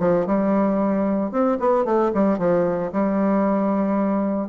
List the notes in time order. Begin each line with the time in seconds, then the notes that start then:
0.00 F3
0.27 G3
1.32 C4
1.60 B3
1.85 A3
2.14 G3
2.39 F3
2.93 G3